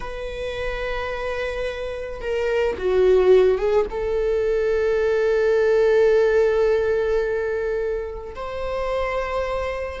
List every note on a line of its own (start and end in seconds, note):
0.00 2.21 B4
2.21 2.77 A#4
2.78 3.58 F#4
3.58 3.85 G#4
3.90 8.35 A4
8.35 10.00 C5